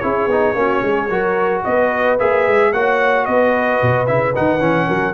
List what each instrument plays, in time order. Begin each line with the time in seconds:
0.00 tuba C#4, trombone E4, horn G#4, trumpet C#5
0.27 tuba B3, trombone D#4
0.55 tuba A#3, trombone C#4, horn F#4
0.83 tuba G#3, horn G#4
1.08 tuba F#3, trombone F#4, horn A#4
1.65 tuba B3, horn B4, trumpet D#5
2.20 tuba A#3, trombone G#4, trumpet E5
2.48 tuba G#3
2.73 tuba A#3, trombone F#4, horn C#5, trumpet F#5
3.26 tuba B3, horn B4, trumpet D#5
3.83 tuba B2
4.07 tuba C#3, trombone E4, trumpet E5
4.35 tuba D#3, trombone D#4, trumpet F#5
4.60 tuba E3, trombone C#4
4.88 tuba F#3, horn A#4